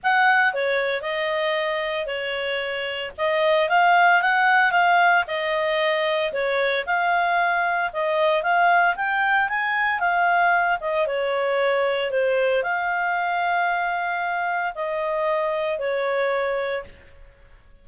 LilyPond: \new Staff \with { instrumentName = "clarinet" } { \time 4/4 \tempo 4 = 114 fis''4 cis''4 dis''2 | cis''2 dis''4 f''4 | fis''4 f''4 dis''2 | cis''4 f''2 dis''4 |
f''4 g''4 gis''4 f''4~ | f''8 dis''8 cis''2 c''4 | f''1 | dis''2 cis''2 | }